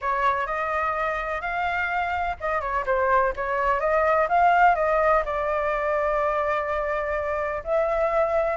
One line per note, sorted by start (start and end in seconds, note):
0.01 0.46 C#5
0.46 1.41 D#5
1.41 2.36 F5
2.40 2.61 D#5
2.61 2.84 C#5
2.85 3.33 C5
3.35 3.80 C#5
3.80 4.27 D#5
4.28 4.75 F5
4.75 5.23 D#5
5.25 7.63 D5
7.64 8.56 E5